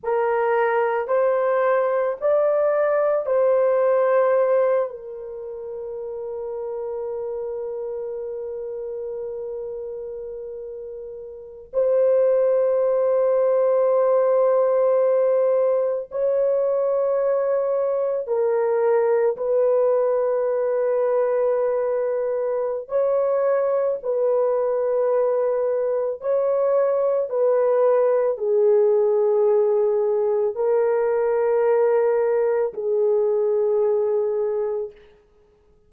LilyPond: \new Staff \with { instrumentName = "horn" } { \time 4/4 \tempo 4 = 55 ais'4 c''4 d''4 c''4~ | c''8 ais'2.~ ais'8~ | ais'2~ ais'8. c''4~ c''16~ | c''2~ c''8. cis''4~ cis''16~ |
cis''8. ais'4 b'2~ b'16~ | b'4 cis''4 b'2 | cis''4 b'4 gis'2 | ais'2 gis'2 | }